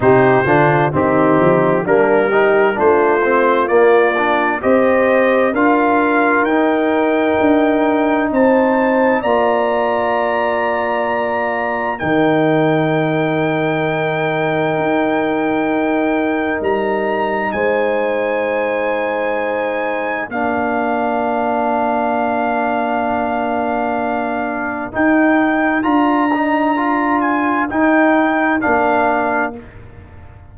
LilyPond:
<<
  \new Staff \with { instrumentName = "trumpet" } { \time 4/4 \tempo 4 = 65 c''4 g'4 ais'4 c''4 | d''4 dis''4 f''4 g''4~ | g''4 a''4 ais''2~ | ais''4 g''2.~ |
g''2 ais''4 gis''4~ | gis''2 f''2~ | f''2. g''4 | ais''4. gis''8 g''4 f''4 | }
  \new Staff \with { instrumentName = "horn" } { \time 4/4 g'8 f'8 dis'4 d'8 g'8 f'4~ | f'4 c''4 ais'2~ | ais'4 c''4 d''2~ | d''4 ais'2.~ |
ais'2. c''4~ | c''2 ais'2~ | ais'1~ | ais'1 | }
  \new Staff \with { instrumentName = "trombone" } { \time 4/4 dis'8 d'8 c'4 ais8 dis'8 d'8 c'8 | ais8 d'8 g'4 f'4 dis'4~ | dis'2 f'2~ | f'4 dis'2.~ |
dis'1~ | dis'2 d'2~ | d'2. dis'4 | f'8 dis'8 f'4 dis'4 d'4 | }
  \new Staff \with { instrumentName = "tuba" } { \time 4/4 c8 d8 dis8 f8 g4 a4 | ais4 c'4 d'4 dis'4 | d'4 c'4 ais2~ | ais4 dis2. |
dis'2 g4 gis4~ | gis2 ais2~ | ais2. dis'4 | d'2 dis'4 ais4 | }
>>